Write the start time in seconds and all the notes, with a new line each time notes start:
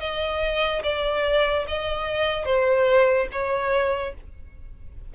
0.00 D#5
0.83 D5
1.67 D#5
2.45 C5
3.32 C#5